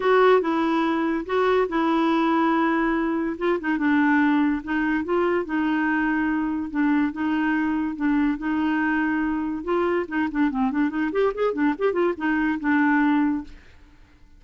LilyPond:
\new Staff \with { instrumentName = "clarinet" } { \time 4/4 \tempo 4 = 143 fis'4 e'2 fis'4 | e'1 | f'8 dis'8 d'2 dis'4 | f'4 dis'2. |
d'4 dis'2 d'4 | dis'2. f'4 | dis'8 d'8 c'8 d'8 dis'8 g'8 gis'8 d'8 | g'8 f'8 dis'4 d'2 | }